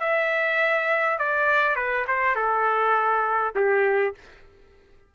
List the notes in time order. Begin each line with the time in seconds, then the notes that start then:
0.00 E5
1.19 D5
1.76 B4
2.08 C5
2.35 A4
3.55 G4